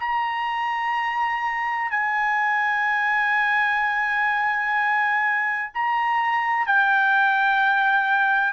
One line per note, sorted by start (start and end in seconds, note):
0.00 1.90 A#5
1.90 5.71 G#5
5.74 6.66 A#5
6.66 8.53 G5